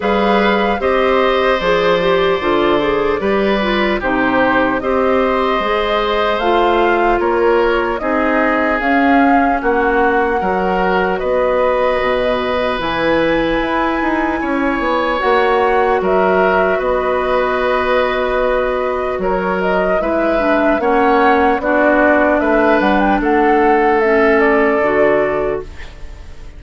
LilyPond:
<<
  \new Staff \with { instrumentName = "flute" } { \time 4/4 \tempo 4 = 75 f''4 dis''4 d''2~ | d''4 c''4 dis''2 | f''4 cis''4 dis''4 f''4 | fis''2 dis''2 |
gis''2. fis''4 | e''4 dis''2. | cis''8 dis''8 e''4 fis''4 d''4 | e''8 fis''16 g''16 fis''4 e''8 d''4. | }
  \new Staff \with { instrumentName = "oboe" } { \time 4/4 b'4 c''2. | b'4 g'4 c''2~ | c''4 ais'4 gis'2 | fis'4 ais'4 b'2~ |
b'2 cis''2 | ais'4 b'2. | ais'4 b'4 cis''4 fis'4 | b'4 a'2. | }
  \new Staff \with { instrumentName = "clarinet" } { \time 4/4 gis'4 g'4 gis'8 g'8 f'8 gis'8 | g'8 f'8 dis'4 g'4 gis'4 | f'2 dis'4 cis'4~ | cis'4 fis'2. |
e'2. fis'4~ | fis'1~ | fis'4 e'8 d'8 cis'4 d'4~ | d'2 cis'4 fis'4 | }
  \new Staff \with { instrumentName = "bassoon" } { \time 4/4 g4 c'4 f4 d4 | g4 c4 c'4 gis4 | a4 ais4 c'4 cis'4 | ais4 fis4 b4 b,4 |
e4 e'8 dis'8 cis'8 b8 ais4 | fis4 b2. | fis4 gis4 ais4 b4 | a8 g8 a2 d4 | }
>>